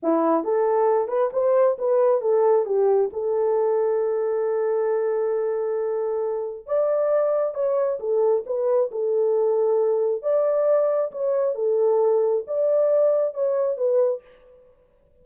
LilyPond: \new Staff \with { instrumentName = "horn" } { \time 4/4 \tempo 4 = 135 e'4 a'4. b'8 c''4 | b'4 a'4 g'4 a'4~ | a'1~ | a'2. d''4~ |
d''4 cis''4 a'4 b'4 | a'2. d''4~ | d''4 cis''4 a'2 | d''2 cis''4 b'4 | }